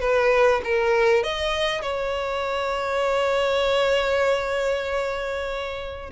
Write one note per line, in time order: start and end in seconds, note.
0.00 0.61 B4
0.64 1.23 A#4
1.23 1.82 D#5
1.82 6.10 C#5